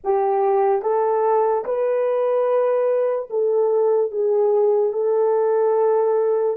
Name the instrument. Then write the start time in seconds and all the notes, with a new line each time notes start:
horn
0.03 G4
0.82 A4
1.64 B4
3.30 A4
4.11 G#4
4.92 A4